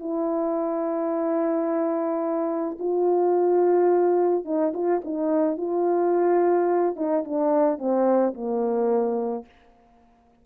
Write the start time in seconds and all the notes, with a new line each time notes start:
0.00 E4
2.80 F4
4.45 D#4
4.74 F4
5.05 D#4
5.58 F4
6.96 D#4
7.25 D4
7.79 C4
8.34 A#3